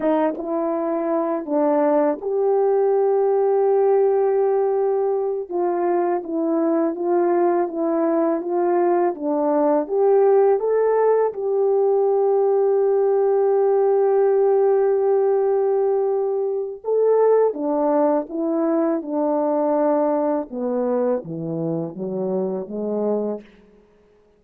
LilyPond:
\new Staff \with { instrumentName = "horn" } { \time 4/4 \tempo 4 = 82 dis'8 e'4. d'4 g'4~ | g'2.~ g'8 f'8~ | f'8 e'4 f'4 e'4 f'8~ | f'8 d'4 g'4 a'4 g'8~ |
g'1~ | g'2. a'4 | d'4 e'4 d'2 | b4 e4 fis4 gis4 | }